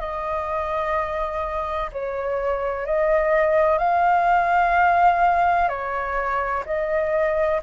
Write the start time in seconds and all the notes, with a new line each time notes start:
0.00 D#5
1.93 C#5
2.86 D#5
3.78 F5
5.69 C#5
6.66 D#5